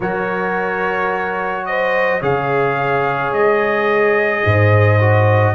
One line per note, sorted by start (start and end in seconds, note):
0.00 2.21 F#3
0.00 2.21 F#4
0.00 1.65 A#4
0.00 1.65 C#5
1.65 2.20 C5
1.65 2.21 D#5
2.20 3.31 C#3
2.20 4.99 G#4
2.20 4.42 C#5
2.20 3.33 F5
3.31 4.42 G#3
3.31 5.54 D#5
4.45 5.54 G#2
4.45 5.54 C5
5.00 5.54 F#4